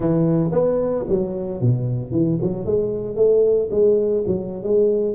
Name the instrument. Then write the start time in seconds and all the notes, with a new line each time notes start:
tuba
0.00 E3
0.52 B3
1.08 F#3
1.61 B2
2.11 E3
2.41 F#3
2.65 G#3
3.16 A3
3.70 G#3
4.26 F#3
4.63 G#3